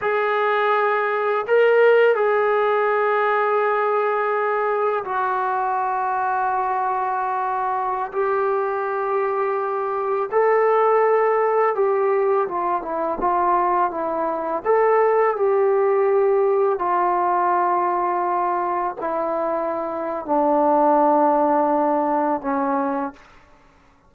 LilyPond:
\new Staff \with { instrumentName = "trombone" } { \time 4/4 \tempo 4 = 83 gis'2 ais'4 gis'4~ | gis'2. fis'4~ | fis'2.~ fis'16 g'8.~ | g'2~ g'16 a'4.~ a'16~ |
a'16 g'4 f'8 e'8 f'4 e'8.~ | e'16 a'4 g'2 f'8.~ | f'2~ f'16 e'4.~ e'16 | d'2. cis'4 | }